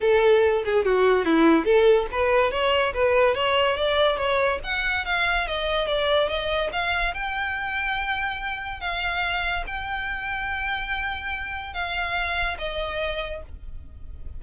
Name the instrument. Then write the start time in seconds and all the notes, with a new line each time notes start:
violin
0.01 A4
0.64 G#4
0.85 F#4
1.25 E4
1.65 A4
2.11 B4
2.51 C#5
2.93 B4
3.35 C#5
3.76 D5
4.17 C#5
4.63 F#5
5.05 F5
5.47 D#5
5.87 D5
6.28 D#5
6.72 F5
7.14 G5
8.80 F5
9.66 G5
11.73 F5
12.58 D#5